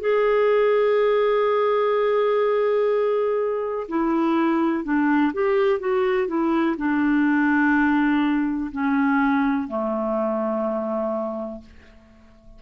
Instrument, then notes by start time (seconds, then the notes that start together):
clarinet
0.00 G#4
3.88 E4
4.84 D4
5.33 G4
5.80 F#4
6.28 E4
6.77 D4
8.71 C#4
9.68 A3